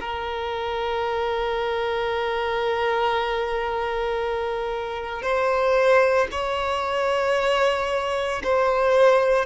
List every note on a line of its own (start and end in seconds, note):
0.00 5.22 A#4
5.22 6.28 C5
6.32 8.42 C#5
8.44 9.45 C5